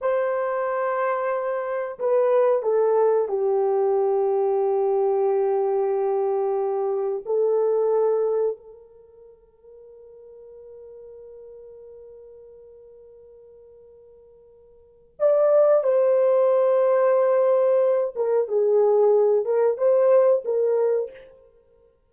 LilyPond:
\new Staff \with { instrumentName = "horn" } { \time 4/4 \tempo 4 = 91 c''2. b'4 | a'4 g'2.~ | g'2. a'4~ | a'4 ais'2.~ |
ais'1~ | ais'2. d''4 | c''2.~ c''8 ais'8 | gis'4. ais'8 c''4 ais'4 | }